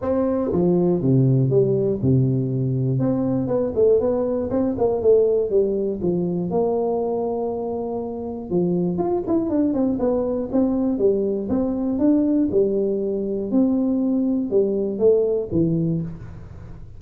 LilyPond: \new Staff \with { instrumentName = "tuba" } { \time 4/4 \tempo 4 = 120 c'4 f4 c4 g4 | c2 c'4 b8 a8 | b4 c'8 ais8 a4 g4 | f4 ais2.~ |
ais4 f4 f'8 e'8 d'8 c'8 | b4 c'4 g4 c'4 | d'4 g2 c'4~ | c'4 g4 a4 e4 | }